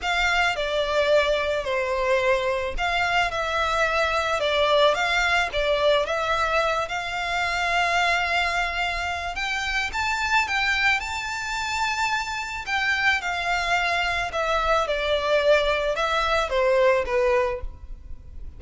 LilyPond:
\new Staff \with { instrumentName = "violin" } { \time 4/4 \tempo 4 = 109 f''4 d''2 c''4~ | c''4 f''4 e''2 | d''4 f''4 d''4 e''4~ | e''8 f''2.~ f''8~ |
f''4 g''4 a''4 g''4 | a''2. g''4 | f''2 e''4 d''4~ | d''4 e''4 c''4 b'4 | }